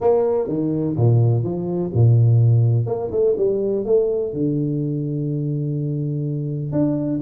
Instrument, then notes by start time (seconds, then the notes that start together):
tuba
0.00 A#3
0.48 D#3
0.96 A#2
1.43 F3
1.93 A#2
2.86 A#3
3.11 A3
3.37 G3
3.85 A3
4.33 D3
6.72 D4